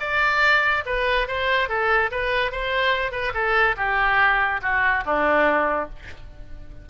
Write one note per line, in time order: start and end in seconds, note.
0.00 0.84 D5
0.86 1.28 B4
1.28 1.69 C5
1.69 2.11 A4
2.11 2.52 B4
2.52 3.12 C5
3.12 3.33 B4
3.34 3.76 A4
3.77 4.61 G4
4.62 5.04 F#4
5.05 5.89 D4